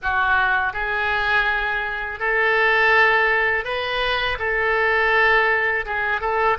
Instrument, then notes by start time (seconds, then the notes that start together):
oboe
0.02 F#4
0.73 G#4
2.19 A4
3.64 B4
4.39 A4
5.85 G#4
6.21 A4